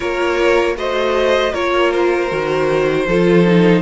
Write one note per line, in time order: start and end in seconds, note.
0.00 0.75 A#3
0.00 0.76 F4
0.00 0.75 A#4
0.00 0.76 C#5
0.75 1.52 A3
0.75 1.53 F#4
0.75 1.52 C5
0.75 1.54 D#5
1.52 2.31 A#3
1.52 2.29 F4
1.52 3.06 A#4
1.52 1.91 C#5
1.91 3.81 C5
2.29 3.07 D#3
2.29 3.06 F#4
3.07 3.81 F3
3.07 3.45 F4
3.07 3.81 A4
3.45 3.81 D#4